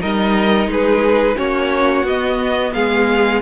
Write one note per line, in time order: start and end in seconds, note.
0.00 0.67 G3
0.00 1.36 D#4
0.00 0.69 A#4
0.00 0.70 D#5
0.67 1.35 G#3
0.67 1.38 G#4
0.67 1.38 B4
1.36 2.03 A#3
1.36 2.04 C#4
1.36 2.74 F#4
1.36 2.06 C#5
2.03 2.71 B3
2.03 3.41 B3
2.03 2.73 D#5
2.73 3.41 G#3
2.73 3.41 G#4
2.73 3.41 F5